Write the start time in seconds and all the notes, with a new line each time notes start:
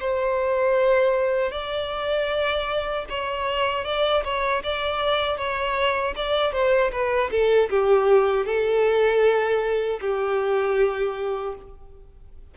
0.00 C5
1.51 D5
3.09 C#5
3.84 D5
4.24 C#5
4.63 D5
5.37 C#5
6.15 D5
6.52 C5
6.91 B4
7.31 A4
7.70 G4
8.45 A4
10.00 G4